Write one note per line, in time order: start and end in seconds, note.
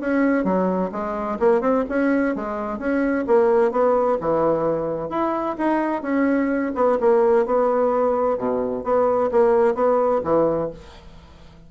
0.00 0.44 C#4
0.44 0.90 F#3
0.92 1.38 G#3
1.39 1.61 A#3
1.61 1.84 C4
1.89 2.35 C#4
2.35 2.78 G#3
2.78 3.25 C#4
3.27 3.71 A#3
3.71 4.18 B3
4.21 5.09 E3
5.09 5.56 E4
5.58 6.02 D#4
6.02 6.72 C#4
6.75 6.98 B3
7.00 7.45 A#3
7.45 8.38 B3
8.38 8.84 B2
8.84 9.30 B3
9.31 9.74 A#3
9.74 10.21 B3
10.23 10.70 E3